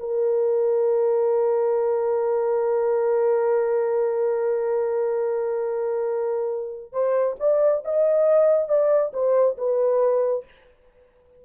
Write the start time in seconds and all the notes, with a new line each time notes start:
0.00 A#4
6.93 C5
7.40 D5
7.85 D#5
8.69 D5
9.14 C5
9.58 B4